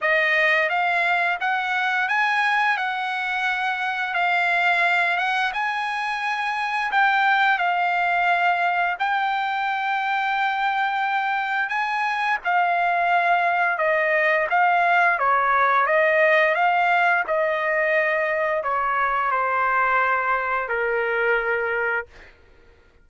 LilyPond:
\new Staff \with { instrumentName = "trumpet" } { \time 4/4 \tempo 4 = 87 dis''4 f''4 fis''4 gis''4 | fis''2 f''4. fis''8 | gis''2 g''4 f''4~ | f''4 g''2.~ |
g''4 gis''4 f''2 | dis''4 f''4 cis''4 dis''4 | f''4 dis''2 cis''4 | c''2 ais'2 | }